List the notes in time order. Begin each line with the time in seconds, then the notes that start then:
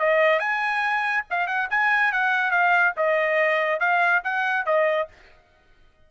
0.00 D#5
0.40 G#5
1.31 F5
1.48 F#5
1.71 G#5
2.13 F#5
2.51 F5
2.97 D#5
3.80 F5
4.24 F#5
4.67 D#5